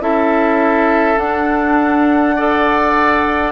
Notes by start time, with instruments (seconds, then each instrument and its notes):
0.00 bassoon C#4, clarinet E4, oboe A4, flute E5
1.16 clarinet D4, bassoon D4, flute F#5
2.36 clarinet A4, oboe D5